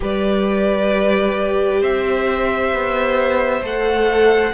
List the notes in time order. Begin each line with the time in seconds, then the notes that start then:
0.00 G3 G4 B4 D5
1.80 C4 C5 E5
2.73 B3
3.61 A3 A4 F#5